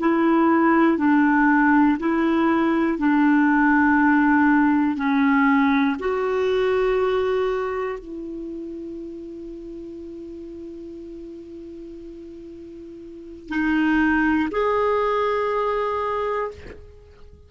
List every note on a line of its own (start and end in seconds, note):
0.00 0.98 E4
0.98 1.98 D4
1.99 2.99 E4
2.99 4.96 D4
4.96 5.96 C#4
5.99 7.99 F#4
7.99 13.49 E4
13.49 14.49 D#4
14.51 16.51 G#4